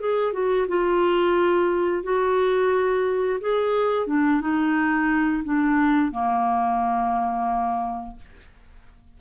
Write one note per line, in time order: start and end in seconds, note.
0.00 0.33 G#4
0.33 0.67 F#4
0.68 2.03 F4
2.03 3.40 F#4
3.41 4.07 G#4
4.07 4.41 D4
4.41 5.43 D#4
5.44 6.11 D4
6.11 8.16 A#3